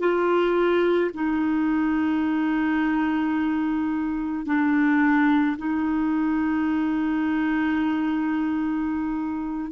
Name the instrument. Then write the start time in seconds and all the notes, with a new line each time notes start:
clarinet
0.00 F4
1.14 D#4
4.46 D4
5.58 D#4